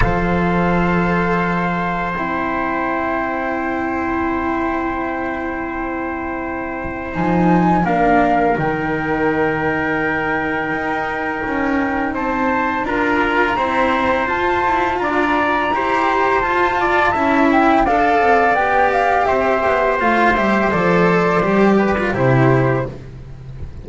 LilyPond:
<<
  \new Staff \with { instrumentName = "flute" } { \time 4/4 \tempo 4 = 84 f''2. g''4~ | g''1~ | g''2 gis''4 f''4 | g''1~ |
g''4 a''4 ais''2 | a''4 ais''2 a''4~ | a''8 g''8 f''4 g''8 f''8 e''4 | f''8 e''8 d''2 c''4 | }
  \new Staff \with { instrumentName = "trumpet" } { \time 4/4 c''1~ | c''1~ | c''2. ais'4~ | ais'1~ |
ais'4 c''4 ais'4 c''4~ | c''4 d''4 c''4. d''8 | e''4 d''2 c''4~ | c''2~ c''8 b'8 g'4 | }
  \new Staff \with { instrumentName = "cello" } { \time 4/4 a'2. e'4~ | e'1~ | e'2 dis'4 d'4 | dis'1~ |
dis'2 f'4 c'4 | f'2 g'4 f'4 | e'4 a'4 g'2 | f'8 g'8 a'4 g'8. f'16 e'4 | }
  \new Staff \with { instrumentName = "double bass" } { \time 4/4 f2. c'4~ | c'1~ | c'2 f4 ais4 | dis2. dis'4 |
cis'4 c'4 d'4 e'4 | f'8 e'8 d'4 e'4 f'4 | cis'4 d'8 c'8 b4 c'8 b8 | a8 g8 f4 g4 c4 | }
>>